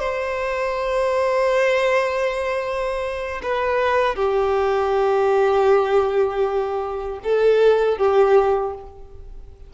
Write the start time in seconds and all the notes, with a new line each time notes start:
0.00 C5
3.43 B4
4.16 G4
7.24 A4
7.98 G4